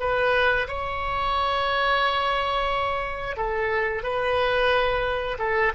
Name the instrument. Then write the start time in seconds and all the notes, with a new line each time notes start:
oboe
0.00 B4
0.68 C#5
3.37 A4
4.03 B4
5.39 A4